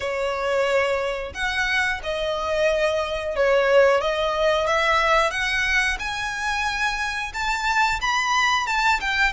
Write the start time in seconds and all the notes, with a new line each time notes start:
0.00 C#5
1.34 F#5
2.03 D#5
3.36 C#5
4.00 D#5
4.67 E5
5.30 F#5
5.99 G#5
7.33 A5
8.01 B5
8.66 A5
9.00 G5